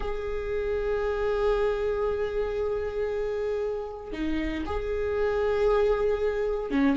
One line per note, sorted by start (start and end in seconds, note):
0.00 4.12 G#4
4.12 4.64 D#4
4.66 6.70 G#4
6.70 6.96 C#4